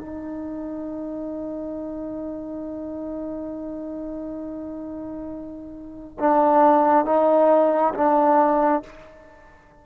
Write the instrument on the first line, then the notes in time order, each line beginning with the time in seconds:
trombone
0.00 D#4
6.19 D4
7.05 D#4
7.95 D4